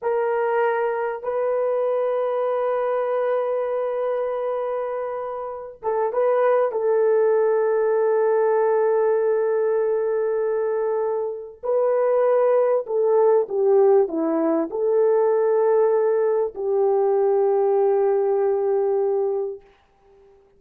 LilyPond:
\new Staff \with { instrumentName = "horn" } { \time 4/4 \tempo 4 = 98 ais'2 b'2~ | b'1~ | b'4. a'8 b'4 a'4~ | a'1~ |
a'2. b'4~ | b'4 a'4 g'4 e'4 | a'2. g'4~ | g'1 | }